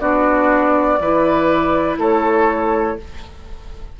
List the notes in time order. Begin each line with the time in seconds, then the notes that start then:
0.00 B3 D4 F#4 D5
0.99 E3 E4 B4
1.98 A3 A4 C#5